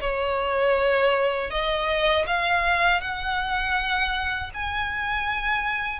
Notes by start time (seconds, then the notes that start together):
0.00 C#5
1.50 D#5
2.26 F5
3.00 F#5
4.53 G#5